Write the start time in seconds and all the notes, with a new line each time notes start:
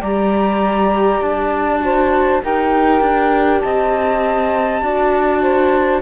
0.00 G3 G4 D5 A#5
1.21 D4 A5
1.81 F#4 C5
2.42 D#4 G4 A#4 G5
3.00 D4
3.60 C4 D#5 A5
4.82 D4 F#4 D5
5.42 C5